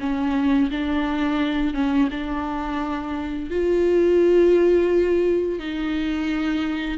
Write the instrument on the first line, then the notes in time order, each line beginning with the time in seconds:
viola
0.00 C#4
0.71 D4
1.74 C#4
2.11 D4
3.50 F4
5.59 D#4